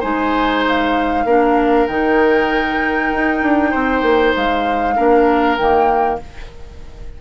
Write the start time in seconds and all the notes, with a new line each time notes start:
0.00 G#3 D#4 C5 G#5
0.68 F5
1.25 A#3 D4 A#4
1.87 D#3 D#4 G5
3.12 D#4
3.42 D4
3.71 C4 C5
4.02 A#3
4.36 G#3 F5
4.96 A#3 D4 A#4
5.57 D#3 A#3 G5